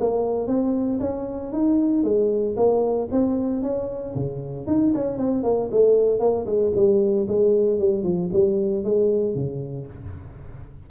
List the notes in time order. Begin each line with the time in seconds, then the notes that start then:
0.00 A#3
0.48 C4
1.00 C#4
1.53 D#4
2.04 G#3
2.56 A#3
3.11 C4
3.63 C#4
4.15 C#3
4.67 D#4
4.95 C#4
5.18 C4
5.44 A#3
5.72 A3
6.20 A#3
6.46 G#3
6.76 G3
7.28 G#3
7.80 G3
8.04 F3
8.33 G3
8.84 G#3
9.35 C#3